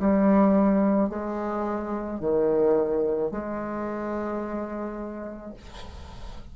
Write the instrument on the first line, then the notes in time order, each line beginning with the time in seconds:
bassoon
0.00 G3
1.10 G#3
2.20 D#3
3.31 G#3